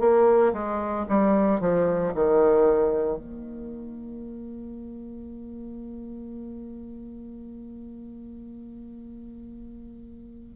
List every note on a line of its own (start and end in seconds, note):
0.00 0.53 A#3
0.54 1.06 G#3
1.09 1.61 G3
1.61 2.13 F3
2.15 3.18 D#3
3.18 10.55 A#3